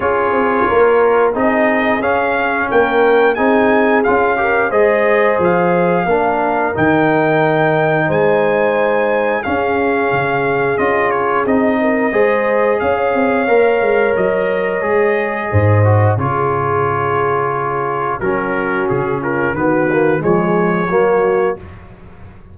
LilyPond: <<
  \new Staff \with { instrumentName = "trumpet" } { \time 4/4 \tempo 4 = 89 cis''2 dis''4 f''4 | g''4 gis''4 f''4 dis''4 | f''2 g''2 | gis''2 f''2 |
dis''8 cis''8 dis''2 f''4~ | f''4 dis''2. | cis''2. ais'4 | gis'8 ais'8 b'4 cis''2 | }
  \new Staff \with { instrumentName = "horn" } { \time 4/4 gis'4 ais'4 gis'2 | ais'4 gis'4. ais'8 c''4~ | c''4 ais'2. | c''2 gis'2~ |
gis'4. ais'8 c''4 cis''4~ | cis''2. c''4 | gis'2. fis'4~ | fis'8 f'8 fis'4 gis'4 fis'4 | }
  \new Staff \with { instrumentName = "trombone" } { \time 4/4 f'2 dis'4 cis'4~ | cis'4 dis'4 f'8 g'8 gis'4~ | gis'4 d'4 dis'2~ | dis'2 cis'2 |
f'4 dis'4 gis'2 | ais'2 gis'4. fis'8 | f'2. cis'4~ | cis'4 b8 ais8 gis4 ais4 | }
  \new Staff \with { instrumentName = "tuba" } { \time 4/4 cis'8 c'8 ais4 c'4 cis'4 | ais4 c'4 cis'4 gis4 | f4 ais4 dis2 | gis2 cis'4 cis4 |
cis'4 c'4 gis4 cis'8 c'8 | ais8 gis8 fis4 gis4 gis,4 | cis2. fis4 | cis4 dis4 f4 fis4 | }
>>